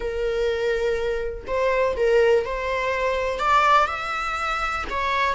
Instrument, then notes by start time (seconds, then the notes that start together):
viola
0.00 A#4
1.47 C5
1.96 A#4
2.45 C5
3.39 D5
3.86 E5
4.90 C#5